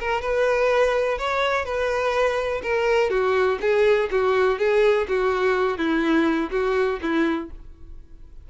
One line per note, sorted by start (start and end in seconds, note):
0.00 0.22 A#4
0.22 1.18 B4
1.18 1.65 C#5
1.65 2.62 B4
2.63 3.10 A#4
3.10 3.59 F#4
3.61 4.10 G#4
4.11 4.59 F#4
4.59 5.07 G#4
5.08 5.78 F#4
5.78 6.50 E4
6.51 6.99 F#4
7.02 7.50 E4